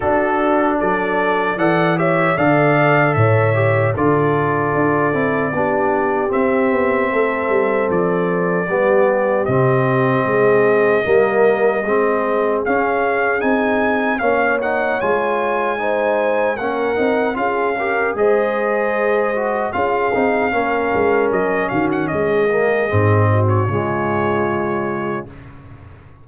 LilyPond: <<
  \new Staff \with { instrumentName = "trumpet" } { \time 4/4 \tempo 4 = 76 a'4 d''4 fis''8 e''8 f''4 | e''4 d''2. | e''2 d''2 | dis''1 |
f''4 gis''4 f''8 fis''8 gis''4~ | gis''4 fis''4 f''4 dis''4~ | dis''4 f''2 dis''8 f''16 fis''16 | dis''4.~ dis''16 cis''2~ cis''16 | }
  \new Staff \with { instrumentName = "horn" } { \time 4/4 fis'4 a'4 d''8 cis''8 d''4 | cis''4 a'2 g'4~ | g'4 a'2 g'4~ | g'4 gis'4 ais'4 gis'4~ |
gis'2 cis''2 | c''4 ais'4 gis'8 ais'8 c''4~ | c''4 gis'4 ais'4. fis'8 | gis'4. fis'8 f'2 | }
  \new Staff \with { instrumentName = "trombone" } { \time 4/4 d'2 a'8 g'8 a'4~ | a'8 g'8 f'4. e'8 d'4 | c'2. b4 | c'2 ais4 c'4 |
cis'4 dis'4 cis'8 dis'8 f'4 | dis'4 cis'8 dis'8 f'8 g'8 gis'4~ | gis'8 fis'8 f'8 dis'8 cis'2~ | cis'8 ais8 c'4 gis2 | }
  \new Staff \with { instrumentName = "tuba" } { \time 4/4 d'4 fis4 e4 d4 | a,4 d4 d'8 c'8 b4 | c'8 b8 a8 g8 f4 g4 | c4 gis4 g4 gis4 |
cis'4 c'4 ais4 gis4~ | gis4 ais8 c'8 cis'4 gis4~ | gis4 cis'8 c'8 ais8 gis8 fis8 dis8 | gis4 gis,4 cis2 | }
>>